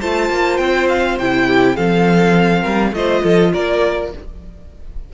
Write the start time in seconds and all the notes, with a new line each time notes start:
0.00 A3 F4 C5 A5
0.30 A#3
0.58 C4 G5
0.89 F5
1.19 C3 E4 G5
1.47 G4
1.76 F3 C4 A4 F5
2.62 G3 A#4
2.93 A3 F4 C5 D#5
3.23 F3 A4
3.53 A#3 A#4 D5